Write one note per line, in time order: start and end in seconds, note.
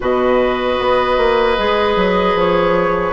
0.00 0.79 B2
0.00 1.57 F#4
0.00 3.13 B4
0.00 2.39 D#5
0.79 1.17 B3
1.17 1.57 A#3
1.57 1.96 G#3
1.57 3.13 G#4
1.96 2.34 F#3
2.34 3.13 F3
2.34 3.13 C#5